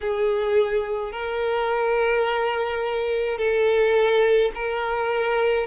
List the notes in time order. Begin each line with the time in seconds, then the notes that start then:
0.01 G#4
1.12 A#4
3.38 A4
4.54 A#4